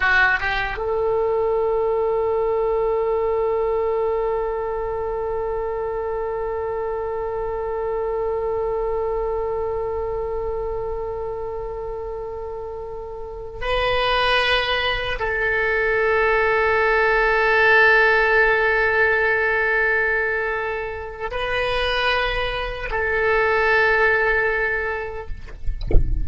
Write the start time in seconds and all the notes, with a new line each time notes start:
0.00 F#4
0.39 G4
0.77 A4
13.61 B4
15.19 A4
21.31 B4
22.91 A4